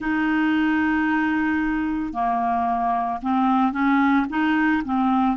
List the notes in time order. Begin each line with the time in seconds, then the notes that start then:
0.00 D#4
2.13 A#3
3.21 C4
3.72 C#4
4.29 D#4
4.85 C4